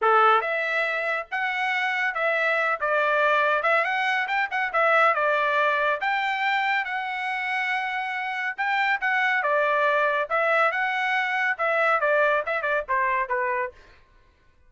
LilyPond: \new Staff \with { instrumentName = "trumpet" } { \time 4/4 \tempo 4 = 140 a'4 e''2 fis''4~ | fis''4 e''4. d''4.~ | d''8 e''8 fis''4 g''8 fis''8 e''4 | d''2 g''2 |
fis''1 | g''4 fis''4 d''2 | e''4 fis''2 e''4 | d''4 e''8 d''8 c''4 b'4 | }